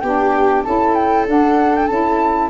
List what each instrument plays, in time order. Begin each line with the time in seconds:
0.00 tuba B3, saxophone D4, viola G4, flute G5
0.63 tuba C#4, saxophone E4, viola A4, flute A5
0.94 flute G5
1.26 saxophone D4, tuba D4, flute F#5
1.75 flute G5
1.87 tuba C#4, saxophone E4, flute A5